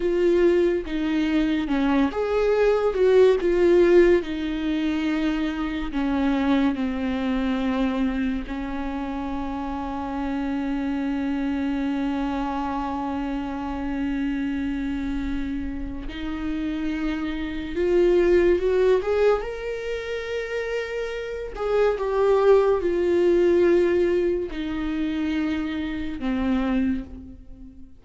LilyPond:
\new Staff \with { instrumentName = "viola" } { \time 4/4 \tempo 4 = 71 f'4 dis'4 cis'8 gis'4 fis'8 | f'4 dis'2 cis'4 | c'2 cis'2~ | cis'1~ |
cis'2. dis'4~ | dis'4 f'4 fis'8 gis'8 ais'4~ | ais'4. gis'8 g'4 f'4~ | f'4 dis'2 c'4 | }